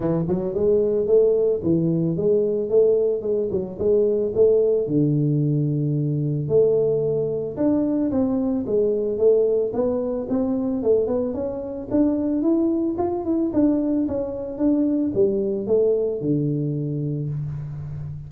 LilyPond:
\new Staff \with { instrumentName = "tuba" } { \time 4/4 \tempo 4 = 111 e8 fis8 gis4 a4 e4 | gis4 a4 gis8 fis8 gis4 | a4 d2. | a2 d'4 c'4 |
gis4 a4 b4 c'4 | a8 b8 cis'4 d'4 e'4 | f'8 e'8 d'4 cis'4 d'4 | g4 a4 d2 | }